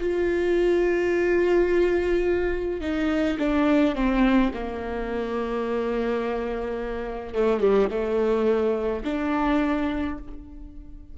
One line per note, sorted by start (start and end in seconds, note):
0.00 2.81 F4
2.81 3.38 D#4
3.39 3.95 D4
3.95 4.52 C4
4.53 7.34 A#3
7.34 7.60 A3
7.60 7.88 G3
7.90 9.04 A3
9.04 10.17 D4